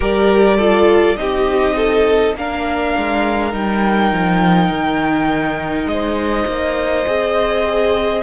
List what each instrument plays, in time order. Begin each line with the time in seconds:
0.00 cello G3, viola G4, violin A#4 D5
0.56 viola F4, violin A4
1.15 cello C4, viola D#4, violin G4 D#5
1.76 violin A4
2.34 cello A#3, viola D4, violin A#4 F5
2.97 cello G#3
3.52 cello G3, viola D#4, violin G5
4.11 cello F3
4.69 cello D#3
5.85 cello G#3, violin C5 D#5
6.47 cello A#3
7.05 cello C4, viola G#4